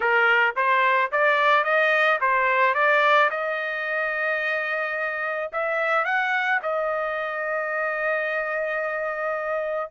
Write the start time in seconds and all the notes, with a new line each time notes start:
0.00 A#4
0.56 C5
1.11 D5
1.64 D#5
2.20 C5
2.74 D5
3.30 D#5
5.52 E5
6.05 F#5
6.62 D#5